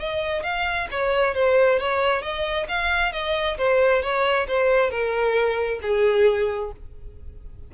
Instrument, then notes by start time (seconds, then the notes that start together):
violin
0.00 D#5
0.44 F5
0.91 C#5
1.35 C5
1.80 C#5
2.22 D#5
2.69 F5
3.13 D#5
3.58 C5
4.02 C#5
4.48 C5
4.91 A#4
5.82 G#4